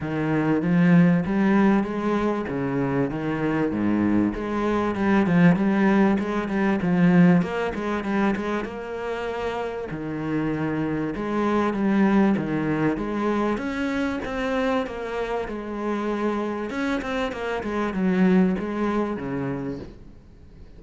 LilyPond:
\new Staff \with { instrumentName = "cello" } { \time 4/4 \tempo 4 = 97 dis4 f4 g4 gis4 | cis4 dis4 gis,4 gis4 | g8 f8 g4 gis8 g8 f4 | ais8 gis8 g8 gis8 ais2 |
dis2 gis4 g4 | dis4 gis4 cis'4 c'4 | ais4 gis2 cis'8 c'8 | ais8 gis8 fis4 gis4 cis4 | }